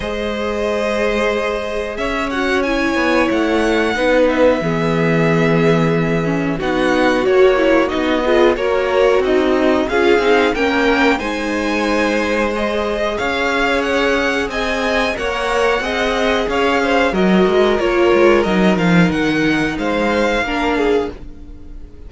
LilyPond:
<<
  \new Staff \with { instrumentName = "violin" } { \time 4/4 \tempo 4 = 91 dis''2. e''8 fis''8 | gis''4 fis''4. e''4.~ | e''2 fis''4 cis''4 | dis''4 cis''4 dis''4 f''4 |
g''4 gis''2 dis''4 | f''4 fis''4 gis''4 fis''4~ | fis''4 f''4 dis''4 cis''4 | dis''8 f''8 fis''4 f''2 | }
  \new Staff \with { instrumentName = "violin" } { \time 4/4 c''2. cis''4~ | cis''2 b'4 gis'4~ | gis'2 fis'2~ | fis'8 gis'8 ais'4 dis'4 gis'4 |
ais'4 c''2. | cis''2 dis''4 cis''4 | dis''4 cis''8 c''8 ais'2~ | ais'2 c''4 ais'8 gis'8 | }
  \new Staff \with { instrumentName = "viola" } { \time 4/4 gis'2.~ gis'8 fis'8 | e'2 dis'4 b4~ | b4. cis'8 dis'4 fis'8 e'8 | dis'8 f'8 fis'2 f'8 dis'8 |
cis'4 dis'2 gis'4~ | gis'2. ais'4 | gis'2 fis'4 f'4 | dis'2. d'4 | }
  \new Staff \with { instrumentName = "cello" } { \time 4/4 gis2. cis'4~ | cis'8 b8 a4 b4 e4~ | e2 b4 ais4 | b4 ais4 c'4 cis'8 c'8 |
ais4 gis2. | cis'2 c'4 ais4 | c'4 cis'4 fis8 gis8 ais8 gis8 | fis8 f8 dis4 gis4 ais4 | }
>>